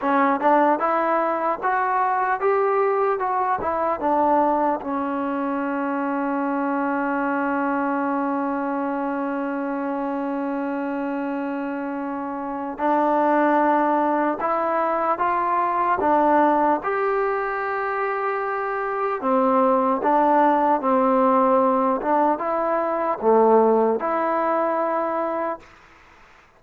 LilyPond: \new Staff \with { instrumentName = "trombone" } { \time 4/4 \tempo 4 = 75 cis'8 d'8 e'4 fis'4 g'4 | fis'8 e'8 d'4 cis'2~ | cis'1~ | cis'1 |
d'2 e'4 f'4 | d'4 g'2. | c'4 d'4 c'4. d'8 | e'4 a4 e'2 | }